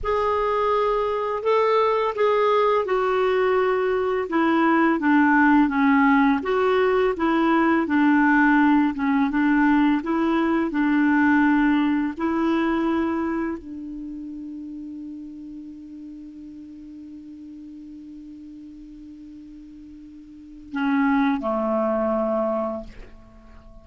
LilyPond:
\new Staff \with { instrumentName = "clarinet" } { \time 4/4 \tempo 4 = 84 gis'2 a'4 gis'4 | fis'2 e'4 d'4 | cis'4 fis'4 e'4 d'4~ | d'8 cis'8 d'4 e'4 d'4~ |
d'4 e'2 d'4~ | d'1~ | d'1~ | d'4 cis'4 a2 | }